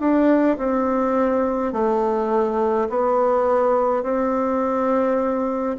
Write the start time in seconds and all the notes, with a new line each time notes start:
0.00 D4
0.58 C4
1.73 A3
2.90 B3
4.03 C4